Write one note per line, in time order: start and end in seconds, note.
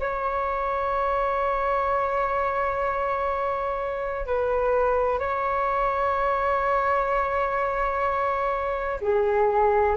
0.00 4.26 C#5
4.26 5.19 B4
5.19 9.00 C#5
9.01 9.97 G#4